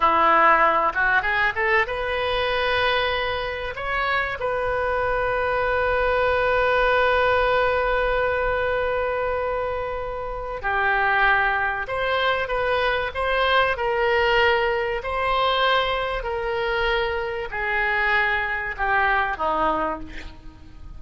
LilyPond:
\new Staff \with { instrumentName = "oboe" } { \time 4/4 \tempo 4 = 96 e'4. fis'8 gis'8 a'8 b'4~ | b'2 cis''4 b'4~ | b'1~ | b'1~ |
b'4 g'2 c''4 | b'4 c''4 ais'2 | c''2 ais'2 | gis'2 g'4 dis'4 | }